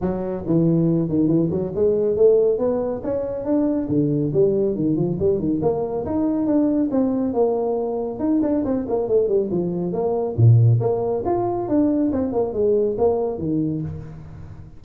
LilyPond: \new Staff \with { instrumentName = "tuba" } { \time 4/4 \tempo 4 = 139 fis4 e4. dis8 e8 fis8 | gis4 a4 b4 cis'4 | d'4 d4 g4 dis8 f8 | g8 dis8 ais4 dis'4 d'4 |
c'4 ais2 dis'8 d'8 | c'8 ais8 a8 g8 f4 ais4 | ais,4 ais4 f'4 d'4 | c'8 ais8 gis4 ais4 dis4 | }